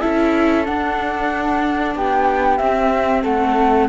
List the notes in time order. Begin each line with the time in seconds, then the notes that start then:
0.00 C#4 E4 A4 E5
0.65 D4 F#5
1.95 B3 G4 G5
2.57 C4 E5
3.22 A3 A4 F#5